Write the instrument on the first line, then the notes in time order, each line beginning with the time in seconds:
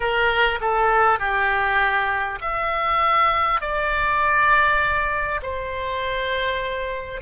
oboe
0.00 A#4
0.60 A4
1.19 G4
2.41 E5
3.61 D5
5.42 C5